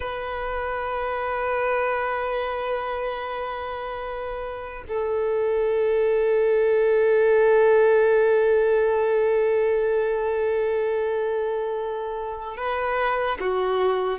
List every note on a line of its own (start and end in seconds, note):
0.00 4.83 B4
4.88 12.57 A4
12.57 13.38 B4
13.40 14.18 F#4